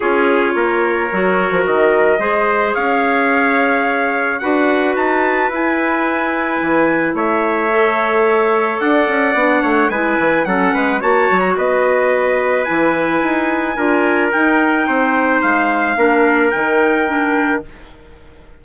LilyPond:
<<
  \new Staff \with { instrumentName = "trumpet" } { \time 4/4 \tempo 4 = 109 cis''2. dis''4~ | dis''4 f''2. | fis''4 a''4 gis''2~ | gis''4 e''2. |
fis''2 gis''4 fis''4 | a''8. ais''16 dis''2 gis''4~ | gis''2 g''2 | f''2 g''2 | }
  \new Staff \with { instrumentName = "trumpet" } { \time 4/4 gis'4 ais'2. | c''4 cis''2. | b'1~ | b'4 cis''2. |
d''4. cis''8 b'4 a'8 b'8 | cis''4 b'2.~ | b'4 ais'2 c''4~ | c''4 ais'2. | }
  \new Staff \with { instrumentName = "clarinet" } { \time 4/4 f'2 fis'2 | gis'1 | fis'2 e'2~ | e'2 a'2~ |
a'4 d'4 e'4 cis'4 | fis'2. e'4~ | e'4 f'4 dis'2~ | dis'4 d'4 dis'4 d'4 | }
  \new Staff \with { instrumentName = "bassoon" } { \time 4/4 cis'4 ais4 fis8. f16 dis4 | gis4 cis'2. | d'4 dis'4 e'2 | e4 a2. |
d'8 cis'8 b8 a8 gis8 e8 fis8 gis8 | ais8 fis8 b2 e4 | dis'4 d'4 dis'4 c'4 | gis4 ais4 dis2 | }
>>